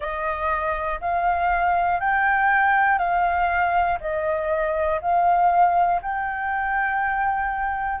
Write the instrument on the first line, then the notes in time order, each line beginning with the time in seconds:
flute
0.00 D#5
1.00 F5
2.00 G5
2.98 F5
4.00 D#5
5.01 F5
6.01 G5